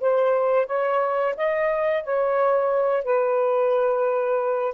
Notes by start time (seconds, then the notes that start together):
0.00 C5
0.66 C#5
1.36 D#5
2.03 C#5
3.04 B4